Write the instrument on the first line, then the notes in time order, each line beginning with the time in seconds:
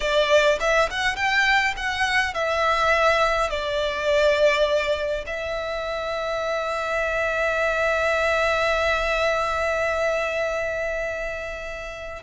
violin
0.00 D5
0.60 E5
0.90 F#5
1.16 G5
1.76 F#5
2.34 E5
3.50 D5
5.26 E5